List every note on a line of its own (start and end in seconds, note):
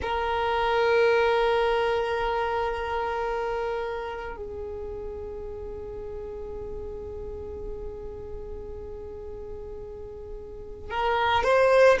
0.01 4.36 A#4
4.36 10.90 G#4
10.90 11.43 A#4
11.43 11.98 C5